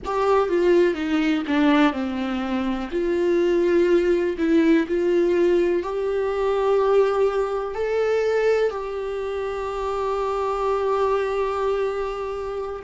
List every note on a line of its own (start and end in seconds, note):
0.04 0.48 G4
0.48 0.94 F4
0.94 1.43 D#4
1.47 1.93 D4
1.93 2.89 C4
2.91 4.36 F4
4.38 4.86 E4
4.87 5.82 F4
5.82 7.75 G4
7.75 8.70 A4
8.70 12.81 G4